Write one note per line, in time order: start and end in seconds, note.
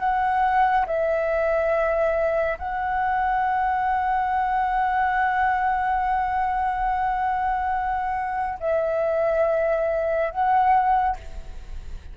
0.00 0.86 F#5
0.87 2.58 E5
2.59 8.59 F#5
8.60 10.31 E5
10.31 11.17 F#5